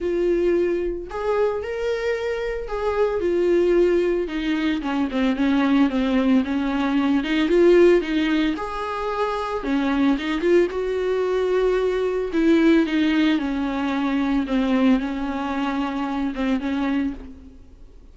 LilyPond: \new Staff \with { instrumentName = "viola" } { \time 4/4 \tempo 4 = 112 f'2 gis'4 ais'4~ | ais'4 gis'4 f'2 | dis'4 cis'8 c'8 cis'4 c'4 | cis'4. dis'8 f'4 dis'4 |
gis'2 cis'4 dis'8 f'8 | fis'2. e'4 | dis'4 cis'2 c'4 | cis'2~ cis'8 c'8 cis'4 | }